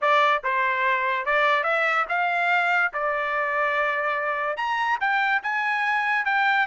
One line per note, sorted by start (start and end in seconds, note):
0.01 0.43 D5
0.43 1.25 C5
1.25 1.63 D5
1.63 2.05 E5
2.09 2.92 F5
2.93 4.56 D5
4.56 4.98 A#5
5.00 5.42 G5
5.42 6.25 G#5
6.25 6.66 G5